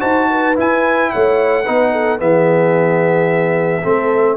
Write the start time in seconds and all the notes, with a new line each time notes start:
0.00 D#4 F#4 C5 A5
0.30 B4
0.55 E4 G#5
1.10 A3 C#5 F#5
1.63 B3 D#4 B4
1.91 A4
2.18 E3 B3 G#4 E5
3.82 A3 C4 A4